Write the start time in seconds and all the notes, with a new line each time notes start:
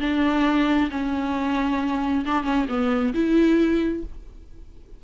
0.00 D4
0.90 C#4
2.25 D4
2.43 C#4
2.68 B3
3.14 E4